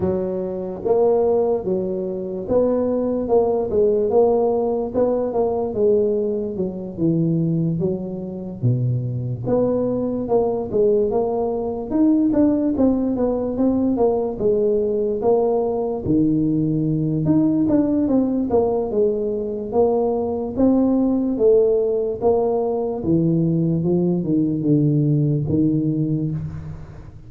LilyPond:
\new Staff \with { instrumentName = "tuba" } { \time 4/4 \tempo 4 = 73 fis4 ais4 fis4 b4 | ais8 gis8 ais4 b8 ais8 gis4 | fis8 e4 fis4 b,4 b8~ | b8 ais8 gis8 ais4 dis'8 d'8 c'8 |
b8 c'8 ais8 gis4 ais4 dis8~ | dis4 dis'8 d'8 c'8 ais8 gis4 | ais4 c'4 a4 ais4 | e4 f8 dis8 d4 dis4 | }